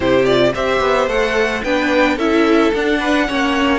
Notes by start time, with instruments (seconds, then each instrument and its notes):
0.00 cello C3, viola E4, violin G4 C5
0.25 viola F4, violin D5
0.54 cello C4, viola G4, violin C5 E5
0.80 cello B3
1.07 cello A3, viola A4, violin F#5
1.63 cello B3, viola D4, violin B4 G5
2.16 cello C#4, viola E4, violin A4 E5
2.73 cello D4, viola D4, violin F#5
2.99 violin B4
3.27 cello A#3, viola C#4, violin C#5